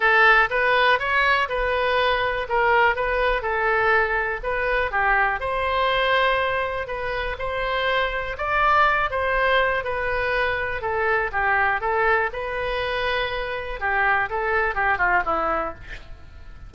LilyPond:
\new Staff \with { instrumentName = "oboe" } { \time 4/4 \tempo 4 = 122 a'4 b'4 cis''4 b'4~ | b'4 ais'4 b'4 a'4~ | a'4 b'4 g'4 c''4~ | c''2 b'4 c''4~ |
c''4 d''4. c''4. | b'2 a'4 g'4 | a'4 b'2. | g'4 a'4 g'8 f'8 e'4 | }